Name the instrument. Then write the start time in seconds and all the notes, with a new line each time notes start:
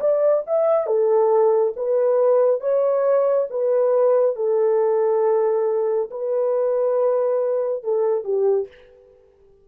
horn
0.00 D5
0.46 E5
0.87 A4
1.76 B4
2.60 C#5
3.50 B4
4.36 A4
6.11 B4
7.83 A4
8.25 G4